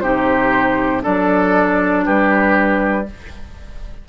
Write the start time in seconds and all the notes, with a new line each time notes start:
0.00 C3 D#4 G4 C5
1.02 F#3 D4 A4 D5
2.05 G3 G4 B4